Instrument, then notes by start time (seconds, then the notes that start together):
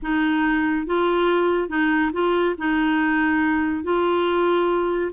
clarinet
0.02 D#4
0.86 F4
1.68 D#4
2.13 F4
2.57 D#4
3.83 F4